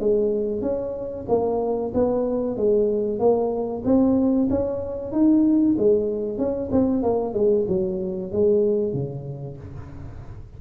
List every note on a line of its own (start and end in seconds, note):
0.00 0.62 G#3
0.62 1.26 C#4
1.29 1.93 A#3
1.94 2.57 B3
2.57 3.20 G#3
3.20 3.84 A#3
3.85 4.49 C4
4.51 5.12 C#4
5.12 5.76 D#4
5.79 6.38 G#3
6.38 6.70 C#4
6.72 7.03 C4
7.03 7.34 A#3
7.34 7.66 G#3
7.69 8.32 F#3
8.32 8.94 G#3
8.94 9.58 C#3